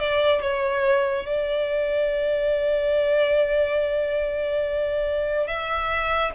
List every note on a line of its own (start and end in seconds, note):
0.00 0.42 D5
0.42 1.26 C#5
1.26 5.47 D5
5.47 6.32 E5